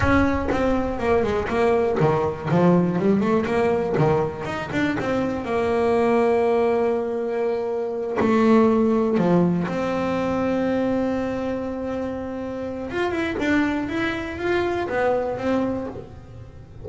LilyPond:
\new Staff \with { instrumentName = "double bass" } { \time 4/4 \tempo 4 = 121 cis'4 c'4 ais8 gis8 ais4 | dis4 f4 g8 a8 ais4 | dis4 dis'8 d'8 c'4 ais4~ | ais1~ |
ais8 a2 f4 c'8~ | c'1~ | c'2 f'8 e'8 d'4 | e'4 f'4 b4 c'4 | }